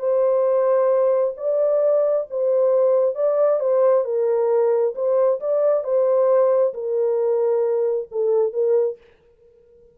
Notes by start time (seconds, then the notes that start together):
0.00 C5
1.38 D5
2.31 C5
3.15 D5
3.60 C5
4.05 A#4
4.96 C5
5.41 D5
5.84 C5
6.74 A#4
8.12 A4
8.53 A#4